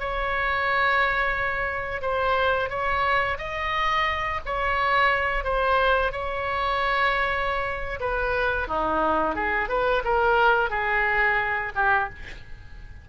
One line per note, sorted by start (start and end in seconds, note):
0.00 2.02 C#5
2.02 2.70 C5
2.70 3.38 C#5
3.38 4.41 D#5
4.46 5.45 C#5
5.45 6.13 C5
6.13 8.00 C#5
8.01 8.68 B4
8.68 9.36 D#4
9.36 9.69 G#4
9.69 10.03 B4
10.05 10.70 A#4
10.70 11.73 G#4
11.76 12.10 G4